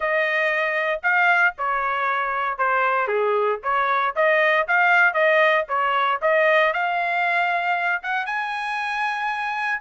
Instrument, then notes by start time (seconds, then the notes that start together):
trumpet
0.00 D#5
1.03 F5
1.58 C#5
2.58 C5
3.07 G#4
3.63 C#5
4.15 D#5
4.67 F5
5.13 D#5
5.68 C#5
6.21 D#5
6.73 F5
8.03 F#5
8.26 G#5